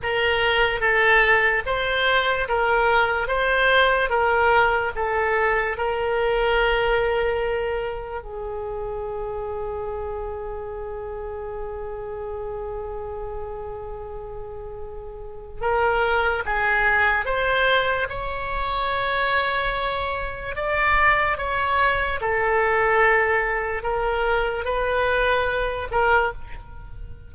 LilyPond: \new Staff \with { instrumentName = "oboe" } { \time 4/4 \tempo 4 = 73 ais'4 a'4 c''4 ais'4 | c''4 ais'4 a'4 ais'4~ | ais'2 gis'2~ | gis'1~ |
gis'2. ais'4 | gis'4 c''4 cis''2~ | cis''4 d''4 cis''4 a'4~ | a'4 ais'4 b'4. ais'8 | }